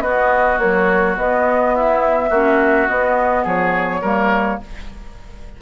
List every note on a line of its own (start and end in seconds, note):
0.00 0.57 B3
0.00 0.62 B3
0.00 1.74 F#4
0.00 0.59 D#5
0.59 1.18 F#3
0.59 1.16 A#3
0.59 1.17 C#5
1.17 2.30 B3
1.17 2.32 B3
1.17 1.75 D#5
1.75 2.29 E4
1.75 2.88 E5
2.29 2.87 A#3
2.29 2.89 C#4
2.29 3.43 F#4
2.88 4.03 B3
2.88 3.45 B3
2.88 3.45 D#5
3.43 4.02 F3
3.43 4.01 G#4
3.43 4.61 C#5
4.01 4.59 G3
4.01 4.61 A#3
4.01 4.58 A#4